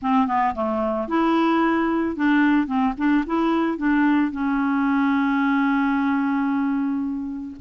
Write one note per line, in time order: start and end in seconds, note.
0.01 0.27 C4
0.27 0.54 B3
0.54 1.08 A3
1.08 2.15 E4
2.15 2.66 D4
2.66 2.93 C4
2.97 3.24 D4
3.26 3.77 E4
3.77 4.31 D4
4.31 7.56 C#4